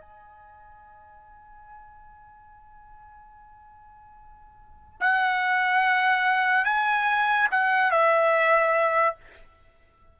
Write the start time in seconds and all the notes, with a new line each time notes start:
0.00 G#5
5.00 F#5
6.64 G#5
7.51 F#5
7.91 E5